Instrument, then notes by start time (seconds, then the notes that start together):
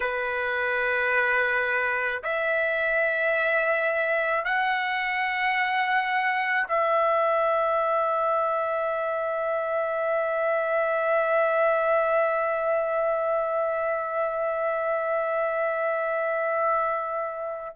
trumpet
0.00 B4
2.23 E5
4.44 F#5
6.68 E5